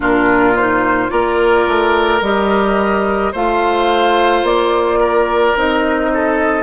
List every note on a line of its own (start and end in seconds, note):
0.00 1.09 A#2
0.00 0.53 D4
0.00 1.11 F4
0.00 0.56 A#4
0.56 1.09 D#4
0.56 1.10 C5
1.09 1.67 A#3
1.09 2.20 F4
1.09 3.32 A#4
1.09 2.21 D5
1.67 2.21 A3
2.21 3.32 G3
2.21 3.34 G4
2.21 3.34 D#5
3.32 4.42 A3
3.32 5.55 F4
3.32 4.99 C5
3.32 4.45 F5
4.42 5.53 A#3
4.42 5.56 D5
4.99 6.10 A#4
5.55 6.62 C4
5.55 6.62 D#4
5.55 6.62 D#5
6.14 6.62 A4